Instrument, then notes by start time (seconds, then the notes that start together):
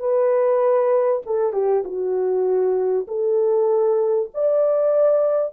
horn
0.00 B4
1.26 A4
1.53 G4
1.85 F#4
3.08 A4
4.35 D5